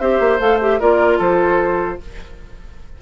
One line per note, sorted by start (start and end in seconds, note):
0.00 0.20 C4
0.00 0.40 G4
0.00 0.80 C5
0.00 0.40 E5
0.20 0.40 A#3
0.40 0.81 A3
0.40 0.60 A4
0.40 0.60 F5
0.61 0.81 G4
0.61 0.81 E5
0.80 1.20 A#3
0.80 2.01 F4
0.80 1.18 A#4
0.80 1.21 D5
1.18 2.00 F3
1.18 1.98 A4
1.18 2.02 C5